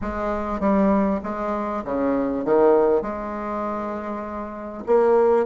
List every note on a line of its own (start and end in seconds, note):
0.01 0.60 G#3
0.60 1.20 G3
1.23 1.83 G#3
1.84 2.45 C#3
2.45 3.02 D#3
3.02 4.83 G#3
4.86 5.46 A#3